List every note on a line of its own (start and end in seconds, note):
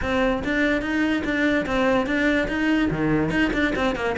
0.02 0.43 C4
0.43 0.81 D4
0.81 1.22 D#4
1.24 1.65 D4
1.66 2.06 C4
2.06 2.47 D4
2.47 2.89 D#4
2.90 3.30 D#3
3.30 3.51 D#4
3.53 3.73 D4
3.75 3.95 C4
3.95 4.16 A#3